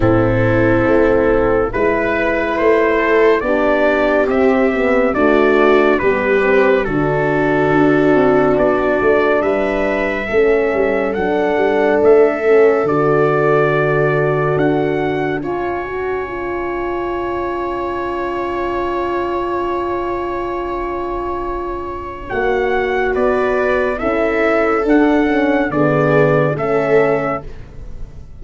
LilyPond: <<
  \new Staff \with { instrumentName = "trumpet" } { \time 4/4 \tempo 4 = 70 a'2 b'4 c''4 | d''4 e''4 d''4 b'4 | a'2 d''4 e''4~ | e''4 fis''4 e''4 d''4~ |
d''4 fis''4 gis''2~ | gis''1~ | gis''2 fis''4 d''4 | e''4 fis''4 d''4 e''4 | }
  \new Staff \with { instrumentName = "viola" } { \time 4/4 e'2 b'4. a'8 | g'2 fis'4 g'4 | fis'2. b'4 | a'1~ |
a'2 cis''2~ | cis''1~ | cis''2. b'4 | a'2 gis'4 a'4 | }
  \new Staff \with { instrumentName = "horn" } { \time 4/4 c'2 e'2 | d'4 c'8 b8 a4 b8 c'8 | d'1 | cis'4 d'4. cis'8 fis'4~ |
fis'2 f'8 fis'8 f'4~ | f'1~ | f'2 fis'2 | e'4 d'8 cis'8 b4 cis'4 | }
  \new Staff \with { instrumentName = "tuba" } { \time 4/4 a,4 a4 gis4 a4 | b4 c'4 d'4 g4 | d4 d'8 c'8 b8 a8 g4 | a8 g8 fis8 g8 a4 d4~ |
d4 d'4 cis'2~ | cis'1~ | cis'2 ais4 b4 | cis'4 d'4 d4 a4 | }
>>